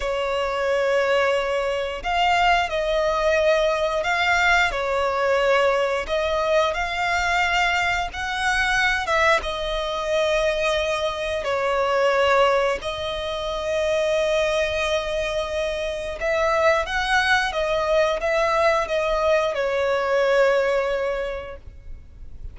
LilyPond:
\new Staff \with { instrumentName = "violin" } { \time 4/4 \tempo 4 = 89 cis''2. f''4 | dis''2 f''4 cis''4~ | cis''4 dis''4 f''2 | fis''4. e''8 dis''2~ |
dis''4 cis''2 dis''4~ | dis''1 | e''4 fis''4 dis''4 e''4 | dis''4 cis''2. | }